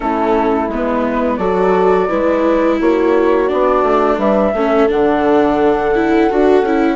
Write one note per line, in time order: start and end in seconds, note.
0.00 0.68 A3
0.00 0.69 C#4
0.00 1.38 E4
0.00 0.69 A4
0.68 1.38 G#3
0.68 1.40 B3
0.74 1.36 B4
1.36 2.07 F#3
1.36 2.08 F#4
1.36 2.07 A4
1.36 2.76 D5
2.08 2.80 G#3
2.08 3.48 E4
2.08 2.79 B4
2.79 3.50 A#3
2.79 4.18 F#4
2.79 3.48 C#5
3.48 3.82 B3
3.48 4.52 D4
3.48 4.18 D5
3.82 4.17 A3
4.18 4.52 G3
4.18 4.53 B4
4.18 4.89 E5
4.53 4.88 A3
4.53 4.88 C#4
4.53 6.95 A4
4.88 6.31 D3
4.88 5.92 D4
4.88 6.95 F#5
5.95 6.30 E4
6.30 6.62 D4
6.30 6.65 F#4
6.62 6.95 C#4
6.62 6.95 E4